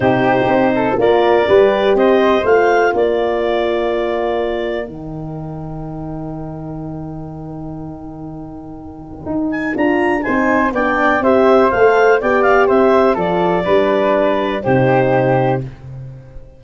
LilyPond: <<
  \new Staff \with { instrumentName = "clarinet" } { \time 4/4 \tempo 4 = 123 c''2 d''2 | dis''4 f''4 d''2~ | d''2 g''2~ | g''1~ |
g''2.~ g''8 gis''8 | ais''4 gis''4 g''4 e''4 | f''4 g''8 f''8 e''4 d''4~ | d''2 c''2 | }
  \new Staff \with { instrumentName = "flute" } { \time 4/4 g'4. a'8 ais'4 b'4 | c''2 ais'2~ | ais'1~ | ais'1~ |
ais'1~ | ais'4 c''4 d''4 c''4~ | c''4 d''4 c''4 a'4 | b'2 g'2 | }
  \new Staff \with { instrumentName = "horn" } { \time 4/4 dis'2 f'4 g'4~ | g'4 f'2.~ | f'2 dis'2~ | dis'1~ |
dis'1 | f'4 dis'4 d'4 g'4 | a'4 g'2 f'4 | d'2 dis'2 | }
  \new Staff \with { instrumentName = "tuba" } { \time 4/4 c4 c'4 ais4 g4 | c'4 a4 ais2~ | ais2 dis2~ | dis1~ |
dis2. dis'4 | d'4 c'4 b4 c'4 | a4 b4 c'4 f4 | g2 c2 | }
>>